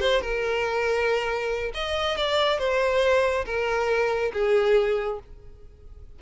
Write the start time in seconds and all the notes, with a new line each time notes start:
0.00 C5
0.21 A#4
1.74 D#5
2.17 D5
2.58 C5
3.45 A#4
4.33 G#4